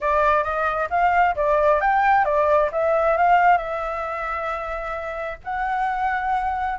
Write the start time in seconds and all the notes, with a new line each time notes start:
0.01 D5
0.43 D#5
0.90 F5
1.35 D5
1.80 G5
2.24 D5
2.72 E5
3.17 F5
3.57 E5
5.44 F#5